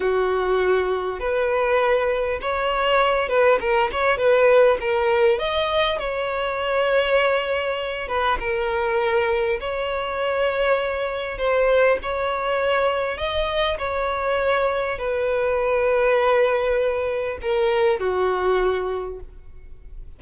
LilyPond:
\new Staff \with { instrumentName = "violin" } { \time 4/4 \tempo 4 = 100 fis'2 b'2 | cis''4. b'8 ais'8 cis''8 b'4 | ais'4 dis''4 cis''2~ | cis''4. b'8 ais'2 |
cis''2. c''4 | cis''2 dis''4 cis''4~ | cis''4 b'2.~ | b'4 ais'4 fis'2 | }